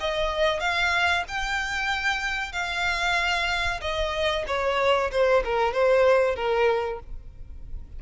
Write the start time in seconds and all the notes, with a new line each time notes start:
0.00 D#5
0.59 F5
1.28 G5
2.52 F5
3.81 D#5
4.47 C#5
5.11 C5
5.44 A#4
5.73 C5
6.35 A#4